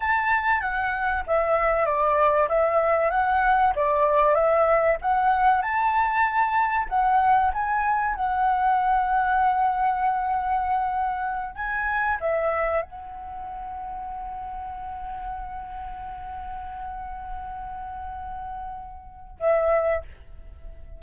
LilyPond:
\new Staff \with { instrumentName = "flute" } { \time 4/4 \tempo 4 = 96 a''4 fis''4 e''4 d''4 | e''4 fis''4 d''4 e''4 | fis''4 a''2 fis''4 | gis''4 fis''2.~ |
fis''2~ fis''8 gis''4 e''8~ | e''8 fis''2.~ fis''8~ | fis''1~ | fis''2. e''4 | }